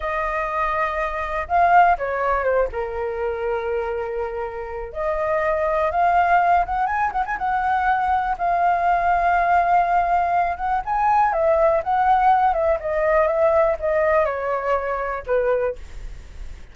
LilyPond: \new Staff \with { instrumentName = "flute" } { \time 4/4 \tempo 4 = 122 dis''2. f''4 | cis''4 c''8 ais'2~ ais'8~ | ais'2 dis''2 | f''4. fis''8 gis''8 fis''16 gis''16 fis''4~ |
fis''4 f''2.~ | f''4. fis''8 gis''4 e''4 | fis''4. e''8 dis''4 e''4 | dis''4 cis''2 b'4 | }